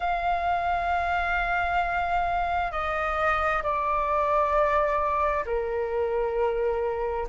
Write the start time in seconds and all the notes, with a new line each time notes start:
0.00 F5
2.71 D#5
3.62 D5
5.45 A#4